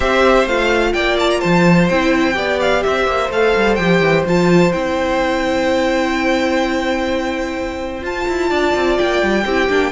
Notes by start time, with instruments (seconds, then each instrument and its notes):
0.00 cello C4, viola G4, violin C5 E5
0.46 cello A3, viola F4, violin F5
0.93 cello A#3, violin D5 G5
1.19 violin A5
1.30 violin A#5
1.39 cello F3, violin C5 A5
1.88 cello C4, viola E4, violin G5
2.33 cello B3, viola G4, violin D5
2.60 violin F5
2.82 cello C4, violin C5 E5
3.06 cello A#3
3.30 cello A3, viola A4, violin F5
3.56 cello G3
3.75 cello F3, viola G4, violin G5
4.00 cello E3
4.25 cello F3, viola F4, violin A5
4.72 cello C4, viola E4, violin G5
8.01 viola F4, cello F4, violin A5
8.28 cello E4
8.49 cello D4, violin D5
8.75 cello C4
8.98 cello A#3, violin G5
9.22 cello G3
9.45 cello C4, viola E4, violin G4
9.69 cello A#3, viola D4